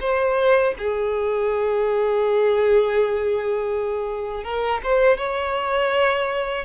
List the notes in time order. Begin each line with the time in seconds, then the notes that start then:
0.00 C5
0.78 G#4
4.44 A#4
4.83 C5
5.18 C#5